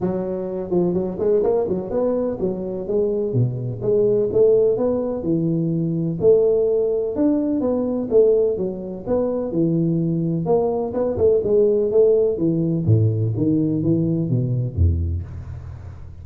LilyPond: \new Staff \with { instrumentName = "tuba" } { \time 4/4 \tempo 4 = 126 fis4. f8 fis8 gis8 ais8 fis8 | b4 fis4 gis4 b,4 | gis4 a4 b4 e4~ | e4 a2 d'4 |
b4 a4 fis4 b4 | e2 ais4 b8 a8 | gis4 a4 e4 a,4 | dis4 e4 b,4 e,4 | }